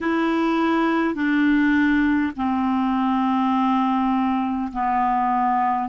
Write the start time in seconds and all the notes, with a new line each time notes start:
0.00 E4
1.14 D4
2.36 C4
4.72 B3